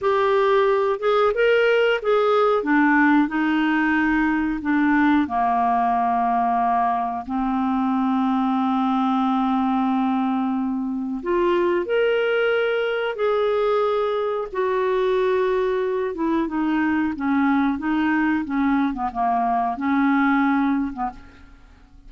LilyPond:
\new Staff \with { instrumentName = "clarinet" } { \time 4/4 \tempo 4 = 91 g'4. gis'8 ais'4 gis'4 | d'4 dis'2 d'4 | ais2. c'4~ | c'1~ |
c'4 f'4 ais'2 | gis'2 fis'2~ | fis'8 e'8 dis'4 cis'4 dis'4 | cis'8. b16 ais4 cis'4.~ cis'16 b16 | }